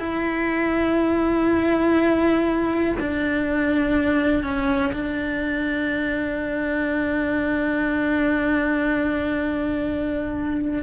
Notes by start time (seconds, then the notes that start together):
0.00 E4
3.00 D4
4.44 C#4
4.93 D4